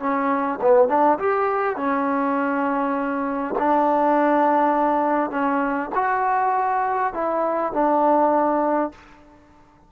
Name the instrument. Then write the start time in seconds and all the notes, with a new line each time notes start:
trombone
0.00 C#4
0.62 B3
0.89 D4
1.19 G4
1.77 C#4
3.59 D4
5.31 C#4
5.95 F#4
7.14 E4
7.73 D4